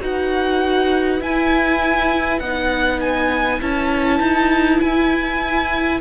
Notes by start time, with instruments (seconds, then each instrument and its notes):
0.00 cello D#4, viola F#4, violin B4 F#5
1.20 viola E4, cello E4, violin G#5
2.39 cello B3, viola D#4, violin F#5
3.00 violin G#5
3.61 cello C#4, viola E4, violin A5
4.19 cello D#4
4.80 cello E4, violin G#5